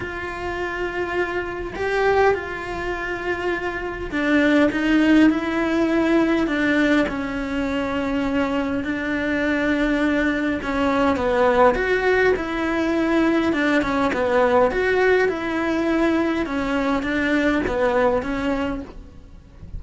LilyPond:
\new Staff \with { instrumentName = "cello" } { \time 4/4 \tempo 4 = 102 f'2. g'4 | f'2. d'4 | dis'4 e'2 d'4 | cis'2. d'4~ |
d'2 cis'4 b4 | fis'4 e'2 d'8 cis'8 | b4 fis'4 e'2 | cis'4 d'4 b4 cis'4 | }